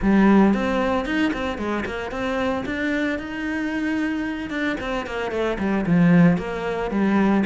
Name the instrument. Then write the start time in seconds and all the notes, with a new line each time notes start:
cello
0.01 G3
0.54 C4
1.05 D#4
1.33 C4
1.57 G#3
1.85 A#3
2.11 C4
2.65 D4
3.18 D#4
4.50 D4
4.80 C4
5.06 A#3
5.31 A3
5.58 G3
5.86 F3
6.37 A#3
6.90 G3